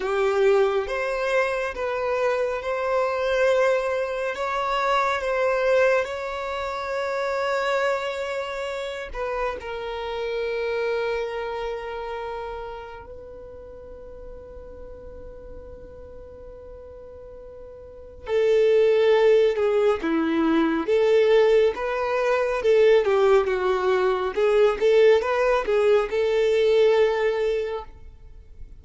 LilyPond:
\new Staff \with { instrumentName = "violin" } { \time 4/4 \tempo 4 = 69 g'4 c''4 b'4 c''4~ | c''4 cis''4 c''4 cis''4~ | cis''2~ cis''8 b'8 ais'4~ | ais'2. b'4~ |
b'1~ | b'4 a'4. gis'8 e'4 | a'4 b'4 a'8 g'8 fis'4 | gis'8 a'8 b'8 gis'8 a'2 | }